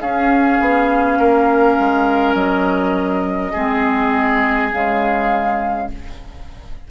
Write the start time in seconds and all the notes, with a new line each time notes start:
0.00 C#4 G#4 F5
0.61 B3
1.18 A#3 A#4
1.79 G#3
2.35 F#3 D#5
3.52 G#3 C4 G#4
4.73 C#3 G#3 F5